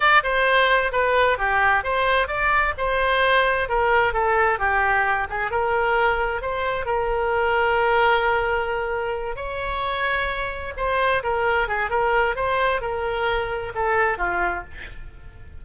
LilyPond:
\new Staff \with { instrumentName = "oboe" } { \time 4/4 \tempo 4 = 131 d''8 c''4. b'4 g'4 | c''4 d''4 c''2 | ais'4 a'4 g'4. gis'8 | ais'2 c''4 ais'4~ |
ais'1~ | ais'8 cis''2. c''8~ | c''8 ais'4 gis'8 ais'4 c''4 | ais'2 a'4 f'4 | }